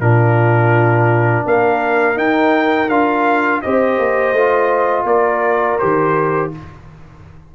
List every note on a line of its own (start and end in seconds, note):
0.00 1.45 A#2
0.00 2.15 D4
0.00 1.45 F4
0.00 1.45 A#4
1.45 2.17 A#3
1.45 3.62 A#4
1.45 2.18 F5
2.15 2.87 D#4
2.15 2.89 D#4
2.15 2.89 G5
2.89 3.61 D4
2.89 3.63 F4
2.89 3.61 F5
3.61 3.98 C4
3.61 4.35 G4
3.61 5.06 C5
3.61 5.06 D#5
3.98 4.32 A#3
4.32 5.04 A3
4.32 5.80 F4
5.04 5.76 A#3
5.04 6.50 A#4
5.04 5.78 D5
5.78 6.55 D#3
5.78 6.52 G4
5.78 6.50 C5